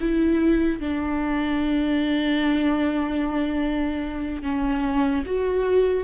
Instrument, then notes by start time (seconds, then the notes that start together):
viola
0.00 E4
0.80 D4
4.43 C#4
5.26 F#4